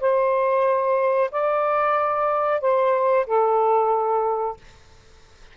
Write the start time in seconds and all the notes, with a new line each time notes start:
0.00 C5
1.31 D5
2.61 C5
3.27 A4